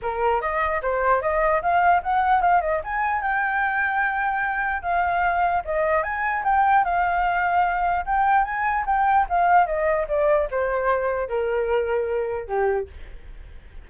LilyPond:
\new Staff \with { instrumentName = "flute" } { \time 4/4 \tempo 4 = 149 ais'4 dis''4 c''4 dis''4 | f''4 fis''4 f''8 dis''8 gis''4 | g''1 | f''2 dis''4 gis''4 |
g''4 f''2. | g''4 gis''4 g''4 f''4 | dis''4 d''4 c''2 | ais'2. g'4 | }